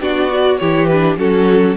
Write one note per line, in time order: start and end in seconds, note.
0.00 0.59 B3
0.00 0.31 D4
0.00 0.60 F#4
0.00 0.58 D5
0.31 0.60 F#4
0.58 1.17 E3
0.58 0.90 E4
0.58 1.19 G4
0.58 0.87 C#5
0.87 1.16 B4
0.93 1.18 D4
1.17 1.75 F#3
1.17 1.76 C#4
1.17 1.76 F#4
1.17 1.76 A4